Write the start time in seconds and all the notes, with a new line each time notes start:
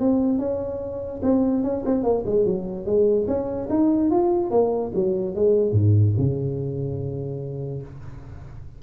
0.00 C4
0.39 C#4
1.23 C4
1.64 C#4
1.86 C4
2.04 A#3
2.26 G#3
2.46 F#3
2.86 G#3
3.28 C#4
3.70 D#4
4.11 F4
4.51 A#3
4.95 F#3
5.36 G#3
5.72 G#2
6.18 C#3